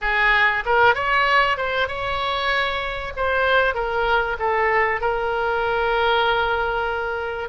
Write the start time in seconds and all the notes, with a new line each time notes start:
0.01 G#4
0.65 A#4
0.95 C#5
1.57 C5
1.88 C#5
3.16 C5
3.74 A#4
4.39 A4
5.00 A#4